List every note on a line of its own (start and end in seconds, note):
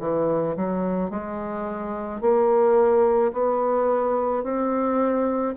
0.00 0.56 E3
0.57 1.11 F#3
1.11 2.21 G#3
2.21 3.32 A#3
3.33 4.44 B3
4.44 5.55 C4